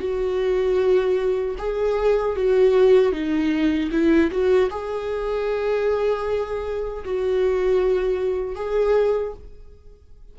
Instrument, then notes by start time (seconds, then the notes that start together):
viola
0.00 F#4
1.58 G#4
2.37 F#4
3.12 D#4
3.92 E4
4.31 F#4
4.71 G#4
7.05 F#4
8.56 G#4